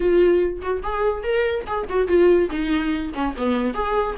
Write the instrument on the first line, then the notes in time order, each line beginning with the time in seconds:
viola
0.00 F4
0.61 F#4
0.82 G#4
1.23 A#4
1.66 G#4
1.89 F#4
2.07 F4
2.50 D#4
3.13 C#4
3.36 B3
3.74 G#4